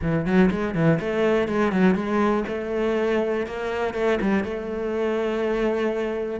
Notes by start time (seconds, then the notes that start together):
0.02 E3
0.25 F#3
0.51 G#3
0.74 E3
1.00 A3
1.48 G#3
1.71 F#3
1.94 G#3
2.48 A3
3.46 A#3
3.94 A3
4.21 G3
4.44 A3